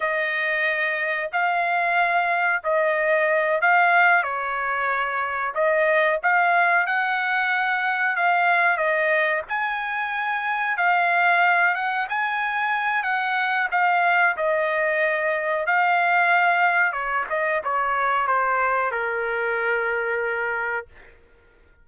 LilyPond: \new Staff \with { instrumentName = "trumpet" } { \time 4/4 \tempo 4 = 92 dis''2 f''2 | dis''4. f''4 cis''4.~ | cis''8 dis''4 f''4 fis''4.~ | fis''8 f''4 dis''4 gis''4.~ |
gis''8 f''4. fis''8 gis''4. | fis''4 f''4 dis''2 | f''2 cis''8 dis''8 cis''4 | c''4 ais'2. | }